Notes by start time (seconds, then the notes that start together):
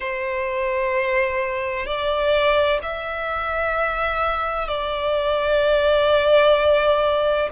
0.00 C5
1.85 D5
2.82 E5
4.67 D5